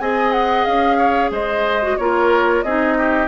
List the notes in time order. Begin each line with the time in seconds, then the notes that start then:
0.00 C4 G#4 D#5 G#5
0.33 F#5
0.64 C#4 F5
0.98 C#5
1.31 G#3 C5 D#5
1.82 F#4
1.98 A#3 F4 A#4 C#5
2.62 C4 D#4 G#4 D#5
2.98 G4